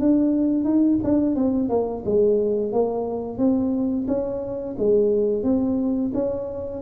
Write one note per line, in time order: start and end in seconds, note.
0.00 0.65 D4
0.65 0.99 D#4
1.04 1.36 D4
1.36 1.70 C4
1.70 2.04 A#3
2.06 2.73 G#3
2.73 3.38 A#3
3.38 4.07 C4
4.08 4.76 C#4
4.79 5.44 G#3
5.44 6.12 C4
6.14 6.82 C#4